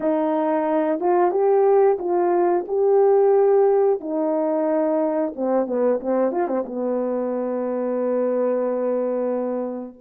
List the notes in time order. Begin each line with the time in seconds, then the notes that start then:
0.00 D#4
0.99 F4
1.31 G4
1.98 F4
2.67 G4
4.00 D#4
5.35 C4
5.66 B3
6.00 C4
6.32 F4
6.47 C4
6.65 B3